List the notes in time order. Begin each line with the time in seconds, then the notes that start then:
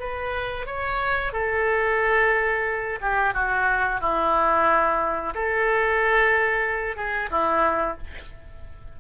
0.00 B4
0.67 C#5
1.33 A4
3.01 G4
3.34 F#4
4.01 E4
5.35 A4
6.97 G#4
7.31 E4